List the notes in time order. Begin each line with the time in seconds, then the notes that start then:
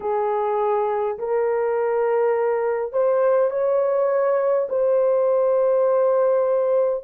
0.00 G#4
1.18 A#4
2.92 C5
3.50 C#5
4.68 C5